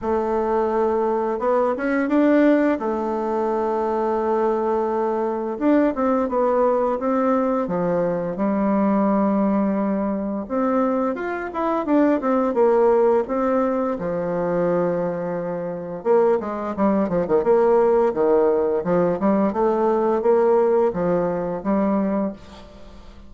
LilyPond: \new Staff \with { instrumentName = "bassoon" } { \time 4/4 \tempo 4 = 86 a2 b8 cis'8 d'4 | a1 | d'8 c'8 b4 c'4 f4 | g2. c'4 |
f'8 e'8 d'8 c'8 ais4 c'4 | f2. ais8 gis8 | g8 f16 dis16 ais4 dis4 f8 g8 | a4 ais4 f4 g4 | }